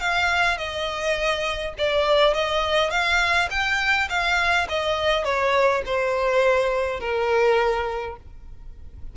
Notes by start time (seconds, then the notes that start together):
0.00 F5
0.57 D#5
1.78 D5
2.34 D#5
2.90 F5
3.50 G5
4.09 F5
4.69 D#5
5.24 C#5
5.85 C5
7.00 A#4